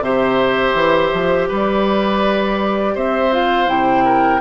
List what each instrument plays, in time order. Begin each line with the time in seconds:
0.00 bassoon C3, clarinet G4, oboe C5, flute E5
0.74 bassoon E3
1.13 bassoon F3
1.48 bassoon G3, oboe B4, flute D5
2.94 bassoon C4, oboe C5, flute E5
3.32 clarinet F4, flute F5
3.67 bassoon C3, clarinet E4, flute G5
4.05 oboe A#4